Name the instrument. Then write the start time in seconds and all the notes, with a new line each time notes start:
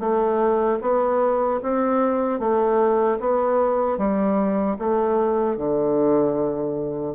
bassoon
0.00 A3
0.82 B3
1.63 C4
2.40 A3
3.20 B3
3.98 G3
4.79 A3
5.58 D3